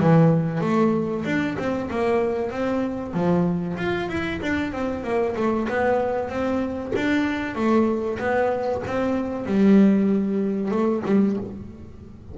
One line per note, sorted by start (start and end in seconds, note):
0.00 0.61 E3
0.61 1.24 A3
1.25 1.56 D4
1.58 1.90 C4
1.90 2.51 A#3
2.51 3.13 C4
3.13 3.77 F3
3.77 4.09 F4
4.09 4.40 E4
4.42 4.73 D4
4.73 5.04 C4
5.04 5.35 A#3
5.36 5.68 A3
5.69 6.29 B3
6.29 6.92 C4
6.96 7.55 D4
7.55 8.18 A3
8.19 8.82 B3
8.87 9.46 C4
9.46 10.71 G3
10.71 11.03 A3
11.05 11.37 G3